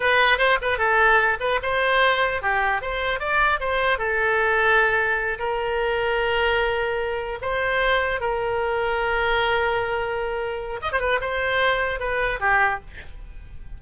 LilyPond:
\new Staff \with { instrumentName = "oboe" } { \time 4/4 \tempo 4 = 150 b'4 c''8 b'8 a'4. b'8 | c''2 g'4 c''4 | d''4 c''4 a'2~ | a'4. ais'2~ ais'8~ |
ais'2~ ais'8 c''4.~ | c''8 ais'2.~ ais'8~ | ais'2. dis''16 c''16 b'8 | c''2 b'4 g'4 | }